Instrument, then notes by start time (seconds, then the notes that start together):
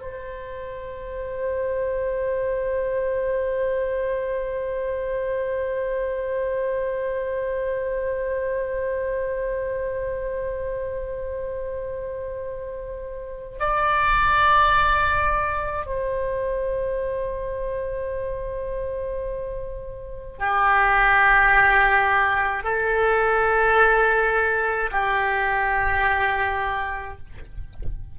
oboe
0.00 C5
13.60 D5
15.86 C5
20.39 G4
22.64 A4
24.92 G4